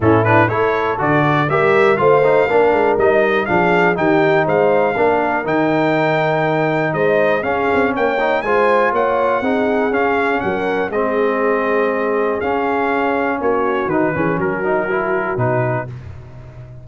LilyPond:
<<
  \new Staff \with { instrumentName = "trumpet" } { \time 4/4 \tempo 4 = 121 a'8 b'8 cis''4 d''4 e''4 | f''2 dis''4 f''4 | g''4 f''2 g''4~ | g''2 dis''4 f''4 |
g''4 gis''4 fis''2 | f''4 fis''4 dis''2~ | dis''4 f''2 cis''4 | b'4 ais'2 b'4 | }
  \new Staff \with { instrumentName = "horn" } { \time 4/4 e'4 a'2 ais'4 | c''4 ais'2 gis'4 | g'4 c''4 ais'2~ | ais'2 c''4 gis'4 |
cis''4 c''4 cis''4 gis'4~ | gis'4 ais'4 gis'2~ | gis'2. fis'4~ | fis'8 gis'8 fis'2. | }
  \new Staff \with { instrumentName = "trombone" } { \time 4/4 cis'8 d'8 e'4 fis'4 g'4 | f'8 dis'8 d'4 dis'4 d'4 | dis'2 d'4 dis'4~ | dis'2. cis'4~ |
cis'8 dis'8 f'2 dis'4 | cis'2 c'2~ | c'4 cis'2. | dis'8 cis'4 dis'8 e'4 dis'4 | }
  \new Staff \with { instrumentName = "tuba" } { \time 4/4 a,4 a4 d4 g4 | a4 ais8 gis8 g4 f4 | dis4 gis4 ais4 dis4~ | dis2 gis4 cis'8 c'8 |
ais4 gis4 ais4 c'4 | cis'4 fis4 gis2~ | gis4 cis'2 ais4 | dis8 e8 fis2 b,4 | }
>>